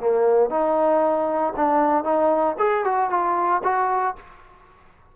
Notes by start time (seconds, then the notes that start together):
0.00 A#3
0.50 D#4
1.57 D4
2.04 D#4
2.58 G#4
2.84 F#4
3.10 F4
3.64 F#4